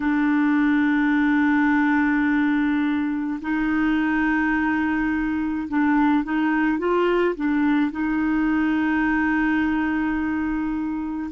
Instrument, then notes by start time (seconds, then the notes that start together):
clarinet
0.00 D4
3.41 D#4
5.68 D4
6.24 D#4
6.78 F4
7.35 D4
7.91 D#4